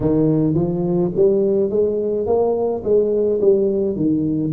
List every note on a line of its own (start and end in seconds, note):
0.00 0.54 D#3
0.54 1.11 F3
1.15 1.70 G3
1.70 2.26 G#3
2.26 2.83 A#3
2.84 3.40 G#3
3.41 3.96 G3
3.96 4.52 D#3